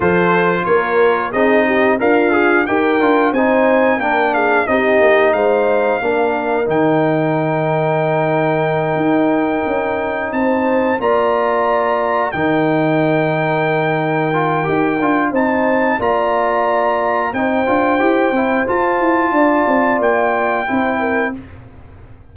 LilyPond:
<<
  \new Staff \with { instrumentName = "trumpet" } { \time 4/4 \tempo 4 = 90 c''4 cis''4 dis''4 f''4 | g''4 gis''4 g''8 f''8 dis''4 | f''2 g''2~ | g''2.~ g''8 a''8~ |
a''8 ais''2 g''4.~ | g''2. a''4 | ais''2 g''2 | a''2 g''2 | }
  \new Staff \with { instrumentName = "horn" } { \time 4/4 a'4 ais'4 gis'8 g'8 f'4 | ais'4 c''4 ais'8 gis'8 g'4 | c''4 ais'2.~ | ais'2.~ ais'8 c''8~ |
c''8 d''2 ais'4.~ | ais'2. c''4 | d''2 c''2~ | c''4 d''2 c''8 ais'8 | }
  \new Staff \with { instrumentName = "trombone" } { \time 4/4 f'2 dis'4 ais'8 gis'8 | g'8 f'8 dis'4 d'4 dis'4~ | dis'4 d'4 dis'2~ | dis'1~ |
dis'8 f'2 dis'4.~ | dis'4. f'8 g'8 f'8 dis'4 | f'2 dis'8 f'8 g'8 e'8 | f'2. e'4 | }
  \new Staff \with { instrumentName = "tuba" } { \time 4/4 f4 ais4 c'4 d'4 | dis'8 d'8 c'4 ais4 c'8 ais8 | gis4 ais4 dis2~ | dis4. dis'4 cis'4 c'8~ |
c'8 ais2 dis4.~ | dis2 dis'8 d'8 c'4 | ais2 c'8 d'8 e'8 c'8 | f'8 e'8 d'8 c'8 ais4 c'4 | }
>>